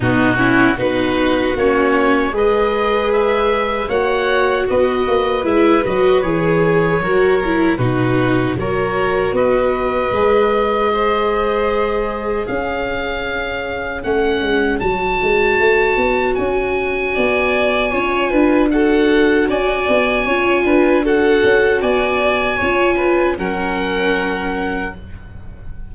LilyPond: <<
  \new Staff \with { instrumentName = "oboe" } { \time 4/4 \tempo 4 = 77 fis'4 b'4 cis''4 dis''4 | e''4 fis''4 dis''4 e''8 dis''8 | cis''2 b'4 cis''4 | dis''1 |
f''2 fis''4 a''4~ | a''4 gis''2. | fis''4 gis''2 fis''4 | gis''2 fis''2 | }
  \new Staff \with { instrumentName = "violin" } { \time 4/4 dis'8 e'8 fis'2 b'4~ | b'4 cis''4 b'2~ | b'4 ais'4 fis'4 ais'4 | b'2 c''2 |
cis''1~ | cis''2 d''4 cis''8 b'8 | a'4 d''4 cis''8 b'8 a'4 | d''4 cis''8 b'8 ais'2 | }
  \new Staff \with { instrumentName = "viola" } { \time 4/4 b8 cis'8 dis'4 cis'4 gis'4~ | gis'4 fis'2 e'8 fis'8 | gis'4 fis'8 e'8 dis'4 fis'4~ | fis'4 gis'2.~ |
gis'2 cis'4 fis'4~ | fis'2. f'4 | fis'2 f'4 fis'4~ | fis'4 f'4 cis'2 | }
  \new Staff \with { instrumentName = "tuba" } { \time 4/4 b,4 b4 ais4 gis4~ | gis4 ais4 b8 ais8 gis8 fis8 | e4 fis4 b,4 fis4 | b4 gis2. |
cis'2 a8 gis8 fis8 gis8 | a8 b8 cis'4 b4 cis'8 d'8~ | d'4 cis'8 b8 cis'8 d'4 cis'8 | b4 cis'4 fis2 | }
>>